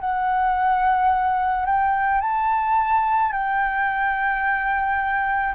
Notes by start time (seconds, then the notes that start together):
0.00 F#5
1.66 G5
2.21 A5
3.32 G5